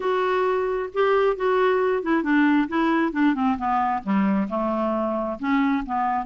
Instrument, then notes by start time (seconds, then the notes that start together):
clarinet
0.00 F#4
0.93 G4
1.36 F#4
2.02 E4
2.23 D4
2.68 E4
3.12 D4
3.34 C4
3.58 B3
4.03 G3
4.49 A3
5.39 C#4
5.85 B3